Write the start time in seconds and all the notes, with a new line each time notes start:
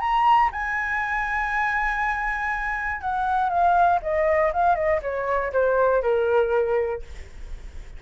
0.00 A#5
0.52 G#5
3.01 F#5
3.49 F5
4.02 D#5
4.53 F5
4.75 D#5
5.02 C#5
5.53 C5
6.02 A#4